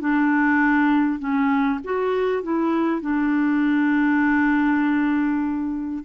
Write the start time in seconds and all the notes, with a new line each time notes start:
0.00 D4
1.19 C#4
1.84 F#4
2.43 E4
3.01 D4